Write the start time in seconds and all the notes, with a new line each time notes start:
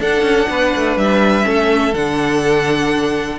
0.00 D4 A4 F#5
0.22 C#4
0.50 B3 B4
0.76 A3
0.97 G3 E5
1.43 A3 C#4 A4
1.94 D3 D4 F#5